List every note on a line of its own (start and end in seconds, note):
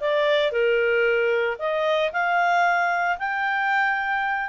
0.00 0.51 D5
0.51 1.57 A#4
1.59 2.11 D#5
2.12 3.18 F5
3.18 4.49 G5